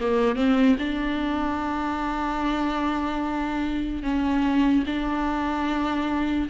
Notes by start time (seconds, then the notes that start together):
0.00 A#3
0.35 C4
0.78 D4
4.02 C#4
4.86 D4